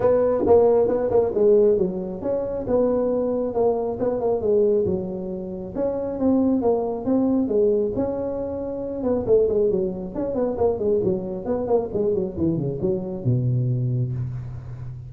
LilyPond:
\new Staff \with { instrumentName = "tuba" } { \time 4/4 \tempo 4 = 136 b4 ais4 b8 ais8 gis4 | fis4 cis'4 b2 | ais4 b8 ais8 gis4 fis4~ | fis4 cis'4 c'4 ais4 |
c'4 gis4 cis'2~ | cis'8 b8 a8 gis8 fis4 cis'8 b8 | ais8 gis8 fis4 b8 ais8 gis8 fis8 | e8 cis8 fis4 b,2 | }